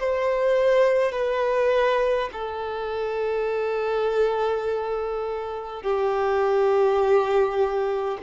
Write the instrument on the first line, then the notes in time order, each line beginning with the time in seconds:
violin
0.00 C5
1.12 B4
2.33 A4
5.82 G4